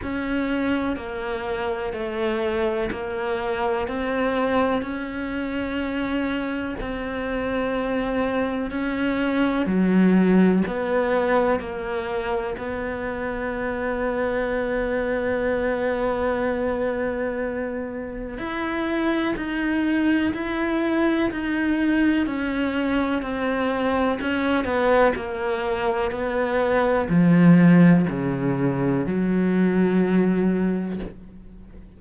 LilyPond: \new Staff \with { instrumentName = "cello" } { \time 4/4 \tempo 4 = 62 cis'4 ais4 a4 ais4 | c'4 cis'2 c'4~ | c'4 cis'4 fis4 b4 | ais4 b2.~ |
b2. e'4 | dis'4 e'4 dis'4 cis'4 | c'4 cis'8 b8 ais4 b4 | f4 cis4 fis2 | }